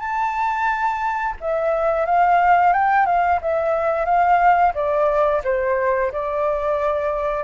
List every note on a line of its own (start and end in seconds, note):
0.00 1.35 A5
1.41 2.06 E5
2.06 2.73 F5
2.73 3.06 G5
3.06 3.40 F5
3.42 4.05 E5
4.05 4.73 F5
4.75 5.42 D5
5.45 6.12 C5
6.12 7.44 D5